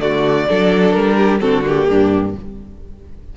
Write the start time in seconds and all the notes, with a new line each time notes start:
0.00 D3 A3 F#4 D5
0.49 F#3 D4 A4
0.92 G3 A#4
1.17 G4
1.40 D3 C4 F#4 A4
1.64 A#3 G4
1.88 G2 D4